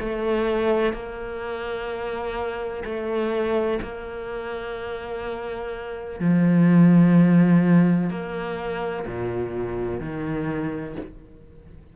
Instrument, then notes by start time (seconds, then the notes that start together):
cello
0.00 A3
0.93 A#3
2.85 A3
3.82 A#3
6.20 F3
8.10 A#3
9.07 A#2
10.00 D#3